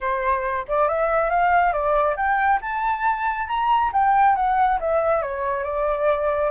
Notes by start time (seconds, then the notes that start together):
0.01 C5
0.68 D5
0.88 E5
1.29 F5
1.72 D5
2.16 G5
2.61 A5
3.47 A#5
3.92 G5
4.35 F#5
4.80 E5
5.22 C#5
5.63 D5